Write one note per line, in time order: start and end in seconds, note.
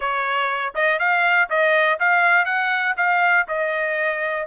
0.00 0.73 C#5
0.74 0.99 D#5
0.99 1.49 F5
1.49 1.99 D#5
1.99 2.45 F5
2.45 2.94 F#5
2.96 3.46 F5
3.48 4.47 D#5